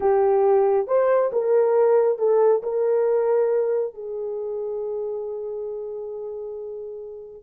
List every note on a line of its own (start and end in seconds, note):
0.00 0.87 G4
0.87 1.31 C5
1.32 2.18 A#4
2.18 2.62 A4
2.62 3.94 A#4
3.94 7.42 G#4